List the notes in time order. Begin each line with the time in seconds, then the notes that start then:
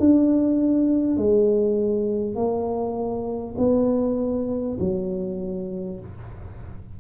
0.00 D4
1.18 G#3
2.36 A#3
3.58 B3
4.80 F#3